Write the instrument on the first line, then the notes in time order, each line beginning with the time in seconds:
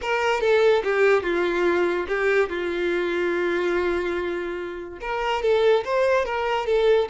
violin
0.01 A#4
0.41 A4
0.83 G4
1.23 F4
2.08 G4
2.49 F4
5.00 A#4
5.42 A4
5.84 C5
6.25 A#4
6.66 A4